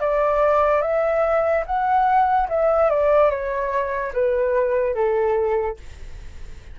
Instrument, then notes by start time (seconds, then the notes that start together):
flute
0.00 D5
0.81 E5
1.66 F#5
2.49 E5
2.90 D5
3.30 C#5
4.13 B4
4.94 A4